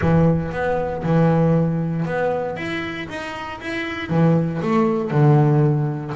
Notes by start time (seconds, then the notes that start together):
0.01 E3
0.51 B3
1.03 E3
2.05 B3
2.56 E4
3.08 D#4
3.60 E4
4.09 E3
4.62 A3
5.10 D3